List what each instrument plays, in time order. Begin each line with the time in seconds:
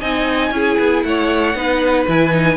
0.00 cello C4, viola D#4, violin D#5 G#5
0.51 cello C#4, viola E4, violin G#4
0.79 cello B3
1.03 cello A3, violin C#5 F#5
1.54 cello B3, viola D#4, violin B4
2.08 cello E3, viola E4, violin G#5
2.31 viola D#4